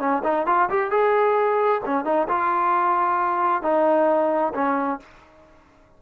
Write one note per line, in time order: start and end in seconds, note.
0.00 0.23 C#4
0.24 0.47 D#4
0.47 0.69 F4
0.70 0.91 G4
0.91 1.82 G#4
1.85 2.05 C#4
2.05 2.28 D#4
2.29 3.63 F4
3.63 4.54 D#4
4.55 5.00 C#4